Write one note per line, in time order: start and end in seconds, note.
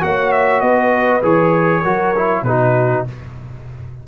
0.00 0.61 A#3
0.00 1.21 F#4
0.00 0.64 C#5
0.00 0.31 F#5
0.31 0.60 E5
0.60 1.21 B3
0.60 1.81 B4
0.60 1.21 D#5
1.22 1.83 E3
1.22 1.83 G#4
1.22 2.43 C#5
1.81 2.42 F#3
1.81 2.15 F#4
1.81 2.42 A#4
2.16 2.46 E4
2.42 3.03 B2
2.42 3.07 D#4
2.42 3.07 F#4
2.42 3.04 B4